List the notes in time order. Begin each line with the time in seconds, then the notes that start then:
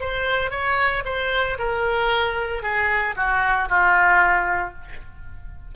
0.00 C5
0.51 C#5
1.05 C5
1.58 A#4
2.62 G#4
3.16 F#4
3.69 F4